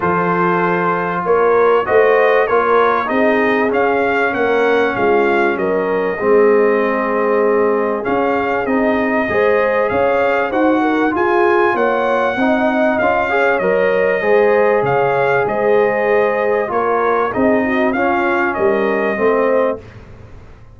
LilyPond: <<
  \new Staff \with { instrumentName = "trumpet" } { \time 4/4 \tempo 4 = 97 c''2 cis''4 dis''4 | cis''4 dis''4 f''4 fis''4 | f''4 dis''2.~ | dis''4 f''4 dis''2 |
f''4 fis''4 gis''4 fis''4~ | fis''4 f''4 dis''2 | f''4 dis''2 cis''4 | dis''4 f''4 dis''2 | }
  \new Staff \with { instrumentName = "horn" } { \time 4/4 a'2 ais'4 c''4 | ais'4 gis'2 ais'4 | f'4 ais'4 gis'2~ | gis'2. c''4 |
cis''4 c''8 ais'8 gis'4 cis''4 | dis''4. cis''4. c''4 | cis''4 c''2 ais'4 | gis'8 fis'8 f'4 ais'4 c''4 | }
  \new Staff \with { instrumentName = "trombone" } { \time 4/4 f'2. fis'4 | f'4 dis'4 cis'2~ | cis'2 c'2~ | c'4 cis'4 dis'4 gis'4~ |
gis'4 fis'4 f'2 | dis'4 f'8 gis'8 ais'4 gis'4~ | gis'2. f'4 | dis'4 cis'2 c'4 | }
  \new Staff \with { instrumentName = "tuba" } { \time 4/4 f2 ais4 a4 | ais4 c'4 cis'4 ais4 | gis4 fis4 gis2~ | gis4 cis'4 c'4 gis4 |
cis'4 dis'4 f'4 ais4 | c'4 cis'4 fis4 gis4 | cis4 gis2 ais4 | c'4 cis'4 g4 a4 | }
>>